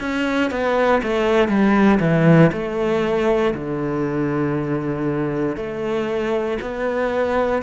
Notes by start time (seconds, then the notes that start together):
0.00 C#4
0.51 B3
1.03 A3
1.48 G3
2.01 E3
2.52 A3
3.55 D3
5.57 A3
6.62 B3